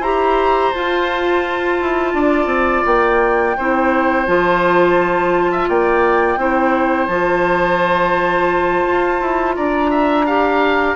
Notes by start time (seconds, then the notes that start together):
0.00 E4 G4 C5 A#5
0.73 F4 A5
1.81 E4
2.14 D4 D5
2.46 C4
2.85 A#3 G5
3.57 C4 E4 C5
4.26 F3 F4 A5
5.51 E5
5.68 A#3 D5 G5
6.37 C4 E4 C5
7.07 F3 F4 A5
8.88 F4
9.21 E4
9.56 D4 D5 A#5
9.90 E5
10.26 G4 F5